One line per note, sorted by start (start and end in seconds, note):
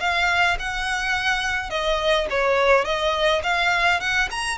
0.00 0.57 F5
0.59 1.70 F#5
1.70 2.27 D#5
2.30 2.85 C#5
2.85 3.42 D#5
3.43 4.00 F5
4.00 4.29 F#5
4.31 4.58 A#5